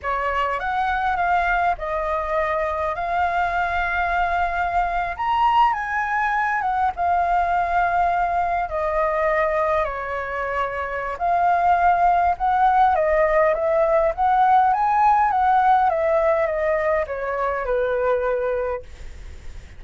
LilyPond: \new Staff \with { instrumentName = "flute" } { \time 4/4 \tempo 4 = 102 cis''4 fis''4 f''4 dis''4~ | dis''4 f''2.~ | f''8. ais''4 gis''4. fis''8 f''16~ | f''2~ f''8. dis''4~ dis''16~ |
dis''8. cis''2~ cis''16 f''4~ | f''4 fis''4 dis''4 e''4 | fis''4 gis''4 fis''4 e''4 | dis''4 cis''4 b'2 | }